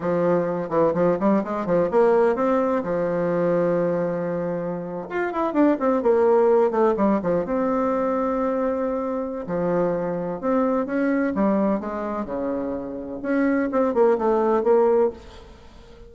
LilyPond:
\new Staff \with { instrumentName = "bassoon" } { \time 4/4 \tempo 4 = 127 f4. e8 f8 g8 gis8 f8 | ais4 c'4 f2~ | f2~ f8. f'8 e'8 d'16~ | d'16 c'8 ais4. a8 g8 f8 c'16~ |
c'1 | f2 c'4 cis'4 | g4 gis4 cis2 | cis'4 c'8 ais8 a4 ais4 | }